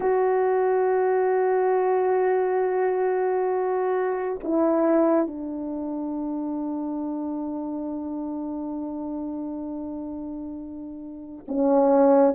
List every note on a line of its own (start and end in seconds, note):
0.00 4.39 F#4
4.43 5.27 E4
5.27 11.45 D4
11.47 12.34 C#4